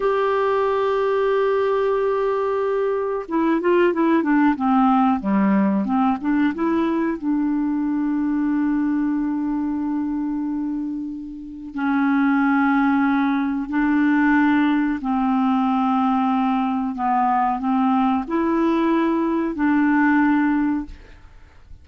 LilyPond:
\new Staff \with { instrumentName = "clarinet" } { \time 4/4 \tempo 4 = 92 g'1~ | g'4 e'8 f'8 e'8 d'8 c'4 | g4 c'8 d'8 e'4 d'4~ | d'1~ |
d'2 cis'2~ | cis'4 d'2 c'4~ | c'2 b4 c'4 | e'2 d'2 | }